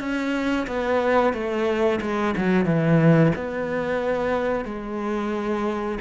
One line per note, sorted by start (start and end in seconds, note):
0.00 0.67 C#4
0.67 1.33 B3
1.33 2.00 A3
2.02 2.35 G#3
2.37 2.66 F#3
2.66 3.32 E3
3.36 4.65 B3
4.65 5.99 G#3